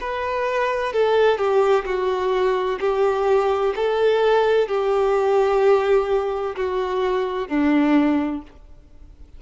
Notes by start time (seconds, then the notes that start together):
0.00 B4
0.92 A4
1.38 G4
1.85 F#4
2.80 G4
3.75 A4
4.67 G4
6.56 F#4
7.48 D4